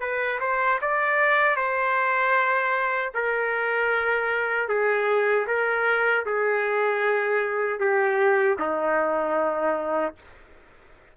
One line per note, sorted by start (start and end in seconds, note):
0.00 0.39 B4
0.40 0.79 C5
0.81 1.56 D5
1.56 3.12 C5
3.14 4.69 A#4
4.69 5.47 G#4
5.47 6.25 A#4
6.26 7.80 G#4
7.80 8.57 G4
8.59 10.15 D#4